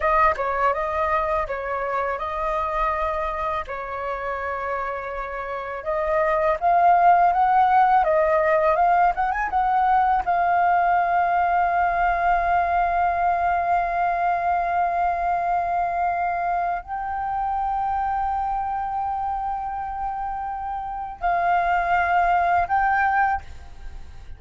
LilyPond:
\new Staff \with { instrumentName = "flute" } { \time 4/4 \tempo 4 = 82 dis''8 cis''8 dis''4 cis''4 dis''4~ | dis''4 cis''2. | dis''4 f''4 fis''4 dis''4 | f''8 fis''16 gis''16 fis''4 f''2~ |
f''1~ | f''2. g''4~ | g''1~ | g''4 f''2 g''4 | }